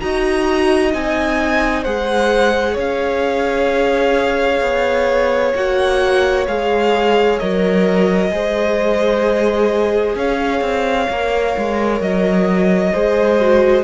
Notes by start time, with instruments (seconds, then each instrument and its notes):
0.00 cello D#4, viola F#4, violin D#5 A#5
0.92 cello C4, viola D#4, violin G#5
1.83 cello G#3, viola G#4, violin C5 F#5
2.74 cello C#4, violin C#5 F5
4.62 cello B3
5.55 cello A#3, viola F#4, violin F#5
6.47 cello G#3, viola G#4, violin F5
7.39 cello F#3, viola A#4, violin D#5
8.31 cello G#3, viola G#4, violin C5
10.16 cello C#4, violin C#5 F5
10.61 cello C4
11.10 cello A#3, viola A#4
11.58 cello G#3
12.01 cello F#3, violin D#5
12.93 cello G#3, viola G#4, violin C5
13.40 viola F#4